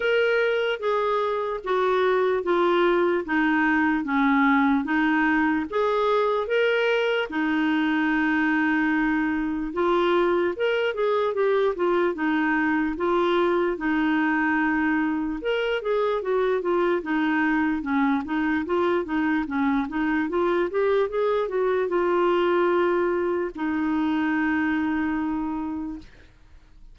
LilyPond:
\new Staff \with { instrumentName = "clarinet" } { \time 4/4 \tempo 4 = 74 ais'4 gis'4 fis'4 f'4 | dis'4 cis'4 dis'4 gis'4 | ais'4 dis'2. | f'4 ais'8 gis'8 g'8 f'8 dis'4 |
f'4 dis'2 ais'8 gis'8 | fis'8 f'8 dis'4 cis'8 dis'8 f'8 dis'8 | cis'8 dis'8 f'8 g'8 gis'8 fis'8 f'4~ | f'4 dis'2. | }